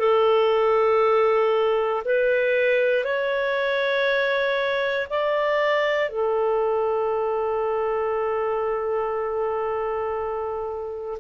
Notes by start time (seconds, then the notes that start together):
0.00 A4
2.05 B4
3.04 C#5
5.10 D5
6.10 A4